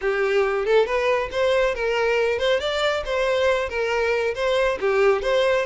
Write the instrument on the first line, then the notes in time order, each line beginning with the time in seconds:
violin
0.01 G4
0.65 A4
0.86 B4
1.31 C5
1.74 A#4
2.38 C5
2.60 D5
3.05 C5
3.69 A#4
4.34 C5
4.80 G4
5.22 C5